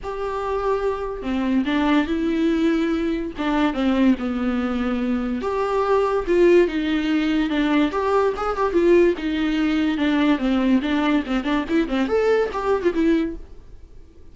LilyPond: \new Staff \with { instrumentName = "viola" } { \time 4/4 \tempo 4 = 144 g'2. c'4 | d'4 e'2. | d'4 c'4 b2~ | b4 g'2 f'4 |
dis'2 d'4 g'4 | gis'8 g'8 f'4 dis'2 | d'4 c'4 d'4 c'8 d'8 | e'8 c'8 a'4 g'8. f'16 e'4 | }